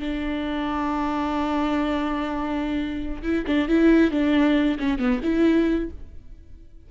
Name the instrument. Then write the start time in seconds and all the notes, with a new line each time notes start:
viola
0.00 D4
3.23 E4
3.47 D4
3.68 E4
4.11 D4
4.80 C#4
4.99 B3
5.23 E4